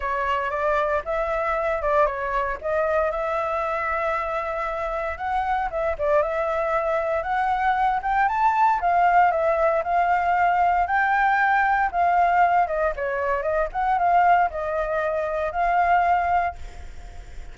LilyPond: \new Staff \with { instrumentName = "flute" } { \time 4/4 \tempo 4 = 116 cis''4 d''4 e''4. d''8 | cis''4 dis''4 e''2~ | e''2 fis''4 e''8 d''8 | e''2 fis''4. g''8 |
a''4 f''4 e''4 f''4~ | f''4 g''2 f''4~ | f''8 dis''8 cis''4 dis''8 fis''8 f''4 | dis''2 f''2 | }